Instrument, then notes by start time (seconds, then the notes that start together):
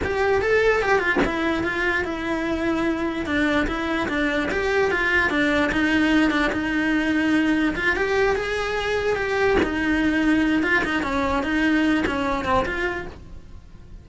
cello
0.04 G4
0.41 A4
0.82 G4
0.99 F4
1.24 E4
1.63 F4
2.04 E4
3.25 D4
3.67 E4
4.08 D4
4.51 G4
4.91 F4
5.30 D4
5.72 D#4
6.30 D4
6.52 D#4
7.75 F4
7.96 G4
8.35 G#4
9.16 G4
9.63 D#4
10.63 F4
10.84 D#4
11.02 C#4
11.43 D#4
12.06 C#4
12.44 C4
12.65 F4